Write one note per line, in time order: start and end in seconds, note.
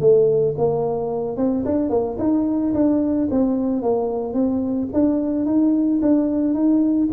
0.00 0.55 A3
0.58 1.37 A#3
1.37 1.64 C4
1.65 1.90 D4
1.90 2.17 A#3
2.18 2.73 D#4
2.74 3.28 D4
3.31 3.82 C4
3.82 4.33 A#3
4.33 4.88 C4
4.93 5.46 D4
5.46 6.00 D#4
6.02 6.54 D4
6.54 7.09 D#4